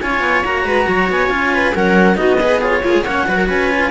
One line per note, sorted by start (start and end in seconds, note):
0.00 0.20 C#4
0.00 0.44 F4
0.00 0.65 C#5
0.00 0.43 G#5
0.20 0.42 B3
0.44 0.64 A#3
0.44 1.29 F#4
0.44 1.10 A#5
0.64 0.86 G#3
0.64 0.87 B4
0.88 1.10 F#3
0.88 1.54 C#5
1.10 1.29 B3
1.10 1.75 G#5
1.29 1.73 C#4
1.29 1.73 F4
1.54 1.74 B4
1.74 2.17 F#3
1.74 2.15 C#4
1.74 2.17 A#4
1.74 2.17 F#5
2.15 2.83 B3
2.15 2.37 D#4
2.15 2.39 F#4
2.15 2.60 D#5
2.40 2.62 G#4
2.40 2.60 B4
2.60 2.83 F4
2.60 2.81 G#4
2.60 3.04 C#5
2.83 2.94 A#3
2.83 3.05 F4
2.83 3.06 G#4
2.94 3.01 G#3
3.01 3.23 A#3
3.01 3.27 C#4
3.01 3.26 C#5
3.01 3.48 F#5
3.27 3.49 F#3
3.27 3.70 F#4
3.27 3.37 B4
3.37 3.47 A#4
3.47 3.90 C#4
3.47 3.90 B4
3.47 3.90 G#5
3.70 3.90 F4